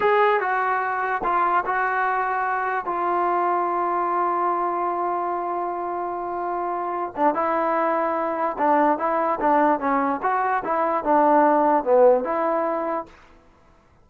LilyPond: \new Staff \with { instrumentName = "trombone" } { \time 4/4 \tempo 4 = 147 gis'4 fis'2 f'4 | fis'2. f'4~ | f'1~ | f'1~ |
f'4. d'8 e'2~ | e'4 d'4 e'4 d'4 | cis'4 fis'4 e'4 d'4~ | d'4 b4 e'2 | }